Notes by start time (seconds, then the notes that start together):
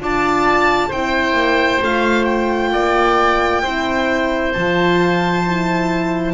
0.00 D4 F4 D5 A5
0.89 C4 E4 C5 G5
1.33 A#3
1.82 A3 F4 F5
2.25 G5
2.73 A#3 D5
3.63 C4 E4 C5
4.53 F3 F4 A5
5.47 E4